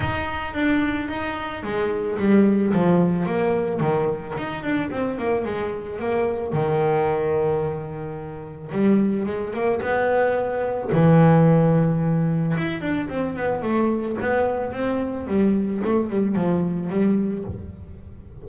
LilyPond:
\new Staff \with { instrumentName = "double bass" } { \time 4/4 \tempo 4 = 110 dis'4 d'4 dis'4 gis4 | g4 f4 ais4 dis4 | dis'8 d'8 c'8 ais8 gis4 ais4 | dis1 |
g4 gis8 ais8 b2 | e2. e'8 d'8 | c'8 b8 a4 b4 c'4 | g4 a8 g8 f4 g4 | }